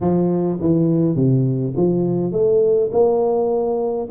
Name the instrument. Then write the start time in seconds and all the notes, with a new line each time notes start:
tuba
0.00 F3
0.60 E3
1.15 C3
1.76 F3
2.32 A3
2.92 A#3